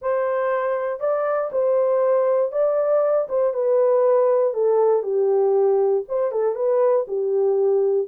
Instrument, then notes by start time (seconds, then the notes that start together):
horn
0.01 C5
0.99 D5
1.51 C5
2.51 D5
3.28 C5
3.53 B4
4.53 A4
5.03 G4
6.08 C5
6.31 A4
6.55 B4
7.07 G4